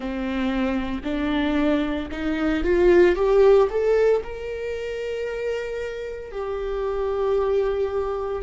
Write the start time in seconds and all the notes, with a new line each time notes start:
0.00 C4
1.03 D4
2.11 D#4
2.63 F4
3.15 G4
3.69 A4
4.23 A#4
6.32 G4